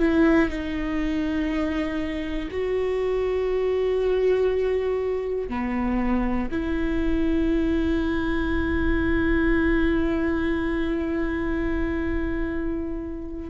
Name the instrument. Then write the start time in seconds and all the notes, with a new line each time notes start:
viola
0.00 E4
0.50 D#4
2.51 F#4
5.49 B3
6.51 E4